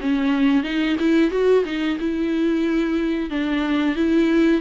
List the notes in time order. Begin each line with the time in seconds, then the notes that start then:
0.00 C#4
0.63 D#4
0.99 E4
1.31 F#4
1.65 D#4
1.99 E4
3.30 D4
3.95 E4